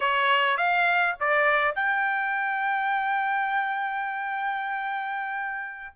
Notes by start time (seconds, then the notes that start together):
0.00 C#5
0.57 F5
1.19 D5
1.75 G5